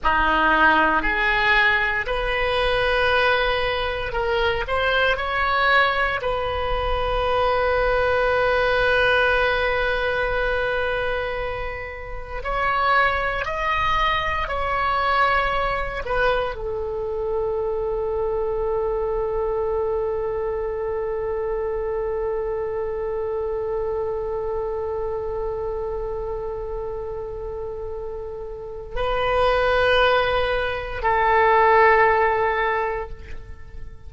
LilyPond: \new Staff \with { instrumentName = "oboe" } { \time 4/4 \tempo 4 = 58 dis'4 gis'4 b'2 | ais'8 c''8 cis''4 b'2~ | b'1 | cis''4 dis''4 cis''4. b'8 |
a'1~ | a'1~ | a'1 | b'2 a'2 | }